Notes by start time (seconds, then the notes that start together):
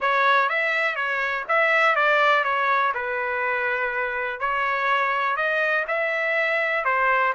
0.00 C#5
0.49 E5
0.95 C#5
1.48 E5
1.95 D5
2.43 C#5
2.94 B4
4.39 C#5
5.36 D#5
5.87 E5
6.84 C5